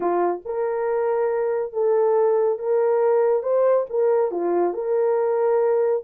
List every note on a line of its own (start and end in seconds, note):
0.00 0.41 F4
0.45 1.72 A#4
1.72 2.58 A4
2.58 3.43 A#4
3.43 3.86 C5
3.89 4.31 A#4
4.31 4.73 F4
4.73 6.03 A#4